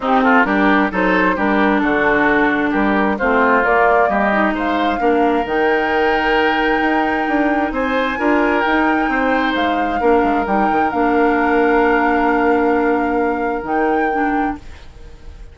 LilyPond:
<<
  \new Staff \with { instrumentName = "flute" } { \time 4/4 \tempo 4 = 132 g'8 a'8 ais'4 c''4 ais'4 | a'2 ais'4 c''4 | d''4 dis''4 f''2 | g''1~ |
g''4 gis''2 g''4~ | g''4 f''2 g''4 | f''1~ | f''2 g''2 | }
  \new Staff \with { instrumentName = "oboe" } { \time 4/4 dis'8 f'8 g'4 a'4 g'4 | fis'2 g'4 f'4~ | f'4 g'4 c''4 ais'4~ | ais'1~ |
ais'4 c''4 ais'2 | c''2 ais'2~ | ais'1~ | ais'1 | }
  \new Staff \with { instrumentName = "clarinet" } { \time 4/4 c'4 d'4 dis'4 d'4~ | d'2. c'4 | ais4. dis'4. d'4 | dis'1~ |
dis'2 f'4 dis'4~ | dis'2 d'4 dis'4 | d'1~ | d'2 dis'4 d'4 | }
  \new Staff \with { instrumentName = "bassoon" } { \time 4/4 c'4 g4 fis4 g4 | d2 g4 a4 | ais4 g4 gis4 ais4 | dis2. dis'4 |
d'4 c'4 d'4 dis'4 | c'4 gis4 ais8 gis8 g8 dis8 | ais1~ | ais2 dis2 | }
>>